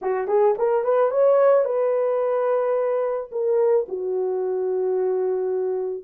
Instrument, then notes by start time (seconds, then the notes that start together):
horn
0.02 F#4
0.27 G#4
0.58 A#4
0.84 B4
1.10 C#5
1.64 B4
3.31 A#4
3.88 F#4